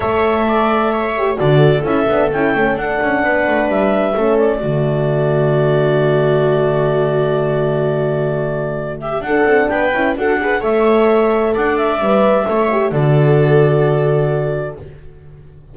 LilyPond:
<<
  \new Staff \with { instrumentName = "clarinet" } { \time 4/4 \tempo 4 = 130 e''2. d''4 | e''4 g''4 fis''2 | e''4. d''2~ d''8~ | d''1~ |
d''2.~ d''8 e''8 | fis''4 g''4 fis''4 e''4~ | e''4 fis''8 e''2~ e''8 | d''1 | }
  \new Staff \with { instrumentName = "viola" } { \time 4/4 cis''4 d''4 cis''4 a'4~ | a'2. b'4~ | b'4 a'4 fis'2~ | fis'1~ |
fis'2.~ fis'8 g'8 | a'4 b'4 a'8 b'8 cis''4~ | cis''4 d''2 cis''4 | a'1 | }
  \new Staff \with { instrumentName = "horn" } { \time 4/4 a'2~ a'8 g'8 fis'4 | e'8 d'8 e'8 cis'8 d'2~ | d'4 cis'4 a2~ | a1~ |
a1 | d'4. e'8 fis'8 gis'8 a'4~ | a'2 b'4 a'8 g'8 | fis'1 | }
  \new Staff \with { instrumentName = "double bass" } { \time 4/4 a2. d4 | cis'8 b8 cis'8 a8 d'8 cis'8 b8 a8 | g4 a4 d2~ | d1~ |
d1 | d'8 c'8 b8 cis'8 d'4 a4~ | a4 d'4 g4 a4 | d1 | }
>>